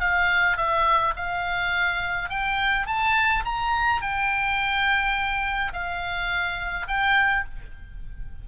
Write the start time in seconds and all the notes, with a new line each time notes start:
0.00 F5
0.57 E5
1.16 F5
2.29 G5
2.86 A5
3.45 A#5
4.01 G5
5.72 F5
6.87 G5